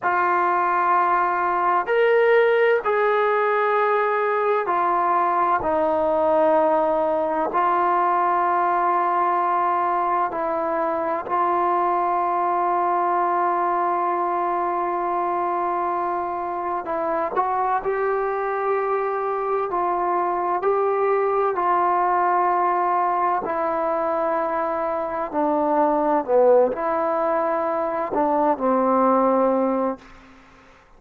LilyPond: \new Staff \with { instrumentName = "trombone" } { \time 4/4 \tempo 4 = 64 f'2 ais'4 gis'4~ | gis'4 f'4 dis'2 | f'2. e'4 | f'1~ |
f'2 e'8 fis'8 g'4~ | g'4 f'4 g'4 f'4~ | f'4 e'2 d'4 | b8 e'4. d'8 c'4. | }